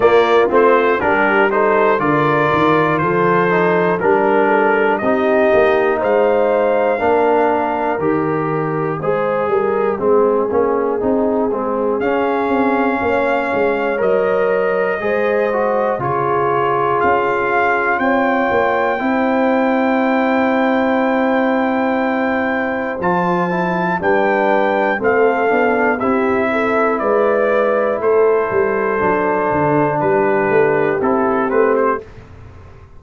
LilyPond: <<
  \new Staff \with { instrumentName = "trumpet" } { \time 4/4 \tempo 4 = 60 d''8 c''8 ais'8 c''8 d''4 c''4 | ais'4 dis''4 f''2 | dis''1 | f''2 dis''2 |
cis''4 f''4 g''2~ | g''2. a''4 | g''4 f''4 e''4 d''4 | c''2 b'4 a'8 b'16 c''16 | }
  \new Staff \with { instrumentName = "horn" } { \time 4/4 f'4 g'8 a'8 ais'4 a'4 | ais'8 a'8 g'4 c''4 ais'4~ | ais'4 c''8 ais'8 gis'2~ | gis'4 cis''2 c''4 |
gis'2 cis''4 c''4~ | c''1 | b'4 a'4 g'8 a'8 b'4 | a'2 g'2 | }
  \new Staff \with { instrumentName = "trombone" } { \time 4/4 ais8 c'8 d'8 dis'8 f'4. dis'8 | d'4 dis'2 d'4 | g'4 gis'4 c'8 cis'8 dis'8 c'8 | cis'2 ais'4 gis'8 fis'8 |
f'2. e'4~ | e'2. f'8 e'8 | d'4 c'8 d'8 e'2~ | e'4 d'2 e'8 c'8 | }
  \new Staff \with { instrumentName = "tuba" } { \time 4/4 ais8 a8 g4 d8 dis8 f4 | g4 c'8 ais8 gis4 ais4 | dis4 gis8 g8 gis8 ais8 c'8 gis8 | cis'8 c'8 ais8 gis8 fis4 gis4 |
cis4 cis'4 c'8 ais8 c'4~ | c'2. f4 | g4 a8 b8 c'4 gis4 | a8 g8 fis8 d8 g8 a8 c'8 a8 | }
>>